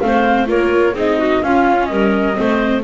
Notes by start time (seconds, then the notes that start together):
0.00 A3 C4 C5 F5
0.46 A#3 F4 A#4 C#5
0.94 C4 D#4 G#4 D#5
1.18 F#4
1.43 C#4 F4 F5
1.86 G3 A#4 D#5
2.34 A3 C4 C5